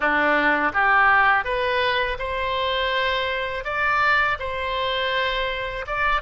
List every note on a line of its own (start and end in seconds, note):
0.00 0.72 D4
0.73 1.44 G4
1.44 2.17 B4
2.19 3.64 C5
3.64 4.37 D5
4.39 5.85 C5
5.86 6.21 D5